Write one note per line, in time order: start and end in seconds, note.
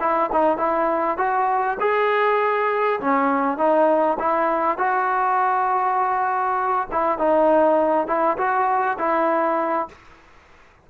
0.00 0.30 E4
0.32 0.58 D#4
0.58 1.18 E4
1.18 1.78 F#4
1.80 3.00 G#4
3.00 3.58 C#4
3.58 4.18 D#4
4.19 4.78 E4
4.78 6.88 F#4
6.92 7.18 E4
7.18 8.07 D#4
8.07 8.37 E4
8.38 8.98 F#4
8.98 9.88 E4